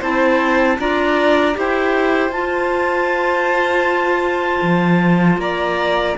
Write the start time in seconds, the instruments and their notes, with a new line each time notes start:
0.00 cello C4, clarinet E4 A5, violin C5
0.79 cello D4, clarinet F4 A#5, violin D5
1.54 cello E4, clarinet G4 G5, violin C5
2.30 cello F4, clarinet F4 A5
4.62 cello F3
5.38 cello A#3, violin D5, clarinet A#5